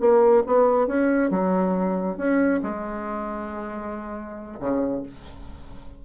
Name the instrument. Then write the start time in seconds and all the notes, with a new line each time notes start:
bassoon
0.00 A#3
0.46 B3
0.87 C#4
1.30 F#3
2.17 C#4
2.63 G#3
4.59 C#3